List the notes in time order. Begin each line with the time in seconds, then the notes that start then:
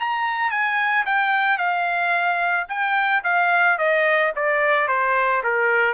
0.00 A#5
0.51 G#5
1.06 G5
1.58 F5
2.69 G5
3.24 F5
3.79 D#5
4.36 D5
4.88 C5
5.44 A#4